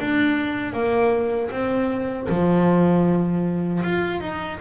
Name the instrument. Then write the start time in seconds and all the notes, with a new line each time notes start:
double bass
0.00 D4
0.73 A#3
1.51 C4
2.29 F3
3.83 F4
4.21 D#4